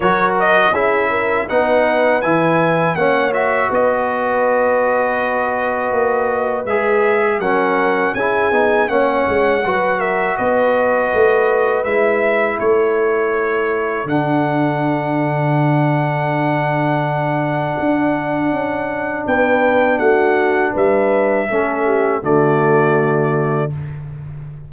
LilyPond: <<
  \new Staff \with { instrumentName = "trumpet" } { \time 4/4 \tempo 4 = 81 cis''8 dis''8 e''4 fis''4 gis''4 | fis''8 e''8 dis''2.~ | dis''4 e''4 fis''4 gis''4 | fis''4. e''8 dis''2 |
e''4 cis''2 fis''4~ | fis''1~ | fis''2 g''4 fis''4 | e''2 d''2 | }
  \new Staff \with { instrumentName = "horn" } { \time 4/4 ais'4 gis'8 ais'8 b'2 | cis''4 b'2.~ | b'2 ais'4 gis'4 | cis''4 b'8 ais'8 b'2~ |
b'4 a'2.~ | a'1~ | a'2 b'4 fis'4 | b'4 a'8 g'8 fis'2 | }
  \new Staff \with { instrumentName = "trombone" } { \time 4/4 fis'4 e'4 dis'4 e'4 | cis'8 fis'2.~ fis'8~ | fis'4 gis'4 cis'4 e'8 dis'8 | cis'4 fis'2. |
e'2. d'4~ | d'1~ | d'1~ | d'4 cis'4 a2 | }
  \new Staff \with { instrumentName = "tuba" } { \time 4/4 fis4 cis'4 b4 e4 | ais4 b2. | ais4 gis4 fis4 cis'8 b8 | ais8 gis8 fis4 b4 a4 |
gis4 a2 d4~ | d1 | d'4 cis'4 b4 a4 | g4 a4 d2 | }
>>